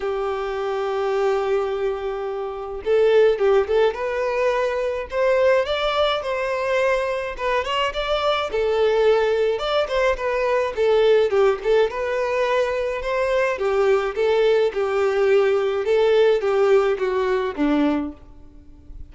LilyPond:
\new Staff \with { instrumentName = "violin" } { \time 4/4 \tempo 4 = 106 g'1~ | g'4 a'4 g'8 a'8 b'4~ | b'4 c''4 d''4 c''4~ | c''4 b'8 cis''8 d''4 a'4~ |
a'4 d''8 c''8 b'4 a'4 | g'8 a'8 b'2 c''4 | g'4 a'4 g'2 | a'4 g'4 fis'4 d'4 | }